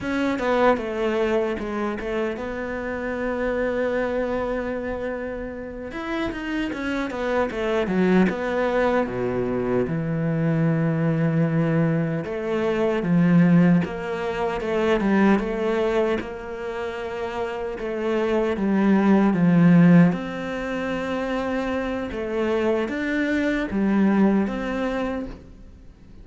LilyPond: \new Staff \with { instrumentName = "cello" } { \time 4/4 \tempo 4 = 76 cis'8 b8 a4 gis8 a8 b4~ | b2.~ b8 e'8 | dis'8 cis'8 b8 a8 fis8 b4 b,8~ | b,8 e2. a8~ |
a8 f4 ais4 a8 g8 a8~ | a8 ais2 a4 g8~ | g8 f4 c'2~ c'8 | a4 d'4 g4 c'4 | }